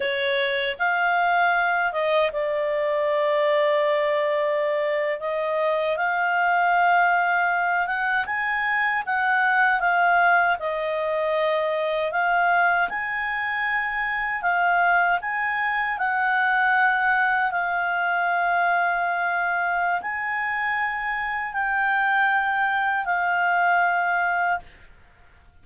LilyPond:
\new Staff \with { instrumentName = "clarinet" } { \time 4/4 \tempo 4 = 78 cis''4 f''4. dis''8 d''4~ | d''2~ d''8. dis''4 f''16~ | f''2~ f''16 fis''8 gis''4 fis''16~ | fis''8. f''4 dis''2 f''16~ |
f''8. gis''2 f''4 gis''16~ | gis''8. fis''2 f''4~ f''16~ | f''2 gis''2 | g''2 f''2 | }